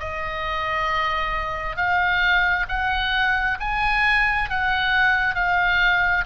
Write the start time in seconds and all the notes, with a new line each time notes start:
0.00 D#5
1.77 F5
2.69 F#5
3.60 G#5
4.50 F#5
5.35 F5